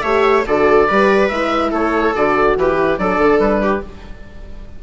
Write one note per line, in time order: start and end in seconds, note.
0.00 0.44 A3
0.00 0.45 G4
0.00 0.45 C#5
0.00 0.42 E5
0.46 0.89 D3
0.46 0.89 F#4
0.46 0.87 A4
0.46 1.28 D5
0.87 1.30 G3
0.87 1.31 G4
0.87 1.70 B4
1.28 1.71 G#3
1.28 2.14 E4
1.28 1.70 E5
1.70 2.14 A3
1.70 2.54 A4
1.70 2.15 C#5
2.14 2.56 D3
2.14 2.77 F#4
2.14 2.57 D5
2.56 2.98 E3
2.56 3.00 G4
2.56 2.98 B4
2.79 2.98 E4
2.98 3.18 F#3
2.98 3.82 D4
2.98 3.62 A4
2.98 3.39 D5
3.18 3.38 D3
3.38 3.80 G3
3.38 3.81 B4
3.62 3.83 G4